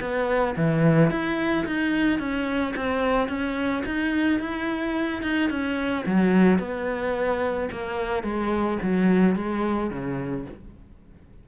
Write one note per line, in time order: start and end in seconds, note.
0.00 0.55 B3
0.56 1.10 E3
1.10 1.65 E4
1.66 2.19 D#4
2.19 2.74 C#4
2.76 3.28 C4
3.28 3.83 C#4
3.85 4.39 D#4
4.39 5.22 E4
5.22 5.50 D#4
5.50 6.05 C#4
6.06 6.59 F#3
6.59 7.69 B3
7.71 8.23 A#3
8.23 8.78 G#3
8.82 9.36 F#3
9.36 9.90 G#3
9.90 10.45 C#3